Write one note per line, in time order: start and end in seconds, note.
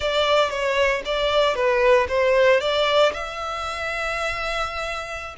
0.00 0.50 D5
0.50 1.02 C#5
1.05 1.55 D5
1.55 2.07 B4
2.08 2.60 C5
2.60 3.12 D5
3.13 5.35 E5